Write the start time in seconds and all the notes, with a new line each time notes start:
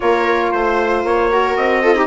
0.00 A#3 F4 A#4 C#5
0.51 A3 C5
1.04 A#3 C#5
1.29 F#4 A#4
1.56 C4 D#5
1.82 F4 A4
1.94 D#4 G4